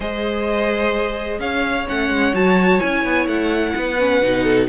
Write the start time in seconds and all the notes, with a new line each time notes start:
0.00 G#3 G#4 C5 D#5
1.39 C#4 C#5 F5
1.87 A3 C#4 F#5
2.09 G#3
2.33 F#3 F#4 A5
2.80 C#4 E4 G#5
3.04 B3
3.27 A3 F#5
3.75 B3 B4
3.99 C#4
4.21 B2 D#4
4.43 A4